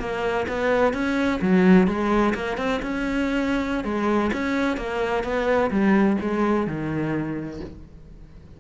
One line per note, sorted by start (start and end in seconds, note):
0.00 0.47 A#3
0.48 0.94 B3
0.94 1.40 C#4
1.42 1.88 F#3
1.88 2.34 G#3
2.35 2.58 A#3
2.58 2.81 C4
2.83 3.85 C#4
3.85 4.31 G#3
4.33 4.78 C#4
4.78 5.24 A#3
5.24 5.71 B3
5.71 6.17 G3
6.21 6.67 G#3
6.67 7.60 D#3